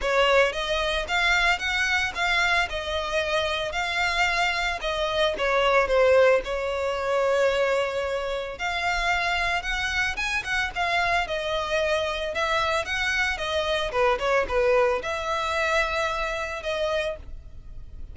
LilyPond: \new Staff \with { instrumentName = "violin" } { \time 4/4 \tempo 4 = 112 cis''4 dis''4 f''4 fis''4 | f''4 dis''2 f''4~ | f''4 dis''4 cis''4 c''4 | cis''1 |
f''2 fis''4 gis''8 fis''8 | f''4 dis''2 e''4 | fis''4 dis''4 b'8 cis''8 b'4 | e''2. dis''4 | }